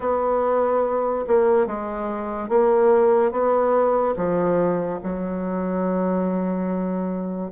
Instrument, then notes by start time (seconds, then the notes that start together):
bassoon
0.00 B3
1.27 A#3
1.66 G#3
2.48 A#3
3.31 B3
4.16 F3
5.03 F#3